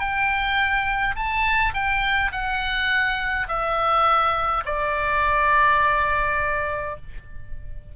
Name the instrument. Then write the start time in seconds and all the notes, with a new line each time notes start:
oboe
0.00 G5
1.16 A5
1.74 G5
2.32 F#5
3.48 E5
4.66 D5